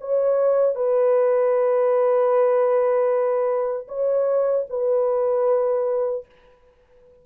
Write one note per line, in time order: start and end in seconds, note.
0.00 0.75 C#5
0.75 3.86 B4
3.88 4.66 C#5
4.70 6.26 B4